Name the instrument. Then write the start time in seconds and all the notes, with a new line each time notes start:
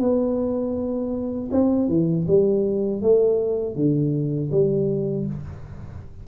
tuba
0.00 B3
1.52 C4
1.89 E3
2.28 G3
3.02 A3
3.76 D3
4.52 G3